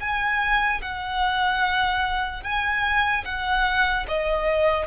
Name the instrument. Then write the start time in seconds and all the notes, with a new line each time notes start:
violin
0.00 G#5
0.81 F#5
2.43 G#5
3.25 F#5
4.08 D#5